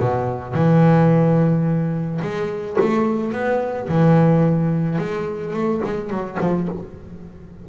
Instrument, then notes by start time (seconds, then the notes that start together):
double bass
0.00 B2
0.54 E3
2.22 G#3
2.80 A3
3.33 B3
3.88 E3
4.98 G#3
5.54 A3
5.84 G#3
6.10 F#3
6.41 F3